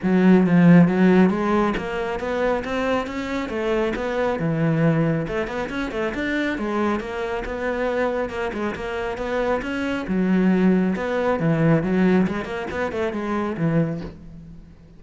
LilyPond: \new Staff \with { instrumentName = "cello" } { \time 4/4 \tempo 4 = 137 fis4 f4 fis4 gis4 | ais4 b4 c'4 cis'4 | a4 b4 e2 | a8 b8 cis'8 a8 d'4 gis4 |
ais4 b2 ais8 gis8 | ais4 b4 cis'4 fis4~ | fis4 b4 e4 fis4 | gis8 ais8 b8 a8 gis4 e4 | }